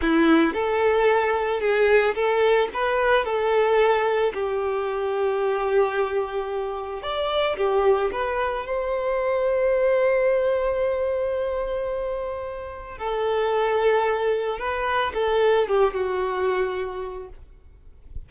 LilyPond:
\new Staff \with { instrumentName = "violin" } { \time 4/4 \tempo 4 = 111 e'4 a'2 gis'4 | a'4 b'4 a'2 | g'1~ | g'4 d''4 g'4 b'4 |
c''1~ | c''1 | a'2. b'4 | a'4 g'8 fis'2~ fis'8 | }